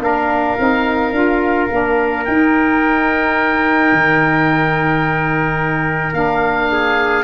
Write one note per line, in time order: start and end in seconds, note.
0.00 0.56 A#3
0.00 0.57 D4
0.00 6.70 A#4
0.00 2.25 F5
0.59 1.12 C4
0.59 1.13 D#4
1.12 1.68 D4
1.12 1.69 F4
1.71 2.27 A#3
1.71 2.26 D4
2.25 3.92 D#4
2.25 6.13 D#4
2.25 6.14 G5
3.92 6.13 D#3
6.13 7.24 A#3
6.13 7.24 D4
6.13 7.24 F5
6.72 7.24 G#4